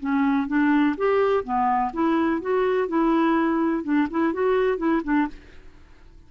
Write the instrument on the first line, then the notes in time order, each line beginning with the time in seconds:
clarinet
0.00 C#4
0.48 D4
0.97 G4
1.44 B3
1.93 E4
2.41 F#4
2.88 E4
3.84 D4
4.10 E4
4.33 F#4
4.78 E4
5.04 D4